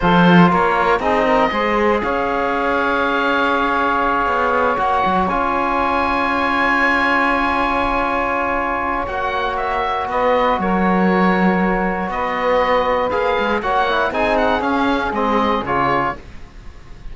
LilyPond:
<<
  \new Staff \with { instrumentName = "oboe" } { \time 4/4 \tempo 4 = 119 c''4 cis''4 dis''2 | f''1~ | f''4. fis''4 gis''4.~ | gis''1~ |
gis''2 fis''4 e''4 | dis''4 cis''2. | dis''2 f''4 fis''4 | gis''8 fis''8 f''4 dis''4 cis''4 | }
  \new Staff \with { instrumentName = "saxophone" } { \time 4/4 a'4 ais'4 gis'8 ais'8 c''4 | cis''1~ | cis''1~ | cis''1~ |
cis''1 | b'4 ais'2. | b'2. cis''4 | gis'1 | }
  \new Staff \with { instrumentName = "trombone" } { \time 4/4 f'2 dis'4 gis'4~ | gis'1~ | gis'4. fis'4 f'4.~ | f'1~ |
f'2 fis'2~ | fis'1~ | fis'2 gis'4 fis'8 e'8 | dis'4 cis'4 c'4 f'4 | }
  \new Staff \with { instrumentName = "cello" } { \time 4/4 f4 ais4 c'4 gis4 | cis'1~ | cis'8 b4 ais8 fis8 cis'4.~ | cis'1~ |
cis'2 ais2 | b4 fis2. | b2 ais8 gis8 ais4 | c'4 cis'4 gis4 cis4 | }
>>